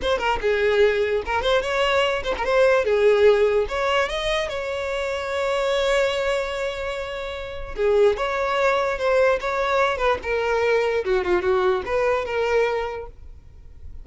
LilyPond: \new Staff \with { instrumentName = "violin" } { \time 4/4 \tempo 4 = 147 c''8 ais'8 gis'2 ais'8 c''8 | cis''4. c''16 ais'16 c''4 gis'4~ | gis'4 cis''4 dis''4 cis''4~ | cis''1~ |
cis''2. gis'4 | cis''2 c''4 cis''4~ | cis''8 b'8 ais'2 fis'8 f'8 | fis'4 b'4 ais'2 | }